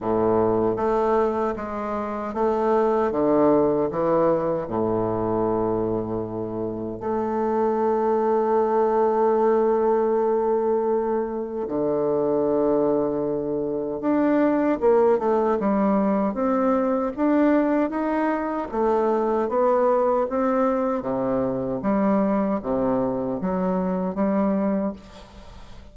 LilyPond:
\new Staff \with { instrumentName = "bassoon" } { \time 4/4 \tempo 4 = 77 a,4 a4 gis4 a4 | d4 e4 a,2~ | a,4 a2.~ | a2. d4~ |
d2 d'4 ais8 a8 | g4 c'4 d'4 dis'4 | a4 b4 c'4 c4 | g4 c4 fis4 g4 | }